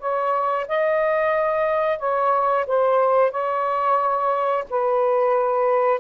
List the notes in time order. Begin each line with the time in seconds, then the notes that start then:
0.00 C#5
0.68 D#5
1.99 C#5
2.67 C5
3.32 C#5
4.70 B4